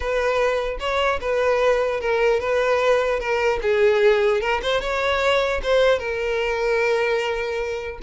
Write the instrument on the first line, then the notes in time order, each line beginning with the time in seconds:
violin
0.00 B4
0.79 C#5
1.20 B4
2.00 A#4
2.39 B4
3.19 A#4
3.62 G#4
4.40 A#4
4.62 C5
4.80 C#5
5.63 C5
5.99 A#4